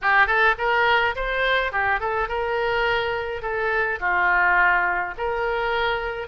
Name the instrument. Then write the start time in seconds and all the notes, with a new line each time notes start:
oboe
0.01 G4
0.26 A4
0.58 A#4
1.15 C5
1.71 G4
2.00 A4
2.28 A#4
3.42 A4
4.00 F4
5.17 A#4